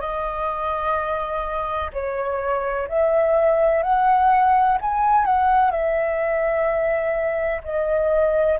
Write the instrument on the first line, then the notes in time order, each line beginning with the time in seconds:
flute
0.00 D#5
1.93 C#5
2.88 E5
3.83 F#5
4.81 G#5
5.25 F#5
5.71 E5
7.64 D#5